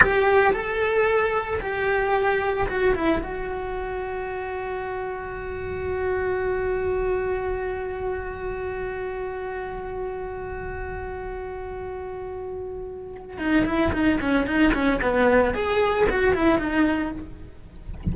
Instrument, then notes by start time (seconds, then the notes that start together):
cello
0.01 G4
0.52 A4
1.60 G4
2.68 F#4
2.94 E4
3.22 F#4
13.38 D#4
13.65 E4
13.92 D#4
14.21 C#4
14.46 D#4
14.73 C#4
15.01 B3
15.54 G#4
16.09 F#4
16.34 E4
16.58 D#4